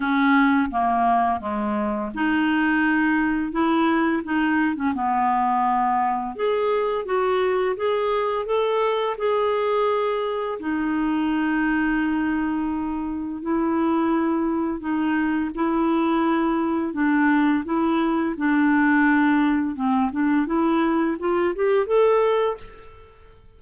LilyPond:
\new Staff \with { instrumentName = "clarinet" } { \time 4/4 \tempo 4 = 85 cis'4 ais4 gis4 dis'4~ | dis'4 e'4 dis'8. cis'16 b4~ | b4 gis'4 fis'4 gis'4 | a'4 gis'2 dis'4~ |
dis'2. e'4~ | e'4 dis'4 e'2 | d'4 e'4 d'2 | c'8 d'8 e'4 f'8 g'8 a'4 | }